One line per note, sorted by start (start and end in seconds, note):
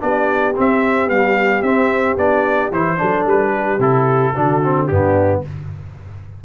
0.00 0.57 B3
0.00 0.54 D4
0.00 2.98 G4
0.00 0.56 D5
0.56 1.10 C4
0.56 1.08 C4
0.56 1.10 E5
1.08 1.64 G3
1.08 1.62 B3
1.08 1.63 F5
1.63 2.17 C4
1.63 2.18 C4
1.63 2.17 E5
2.17 2.71 B3
2.17 2.72 D4
2.17 2.73 D5
2.72 2.99 E3
2.72 2.98 E4
2.72 3.27 C5
2.98 3.26 F#3
2.98 3.79 D4
2.98 3.52 A4
3.26 3.79 G3
3.26 3.82 B4
3.53 4.34 G4
3.79 4.33 C3
3.79 4.35 E4
3.79 4.87 A4
4.34 4.91 D3
4.34 4.63 D4
4.34 4.87 F#4
4.64 4.91 C4
4.87 5.45 G2
4.87 5.45 B3
4.87 5.41 D4
4.87 5.42 G4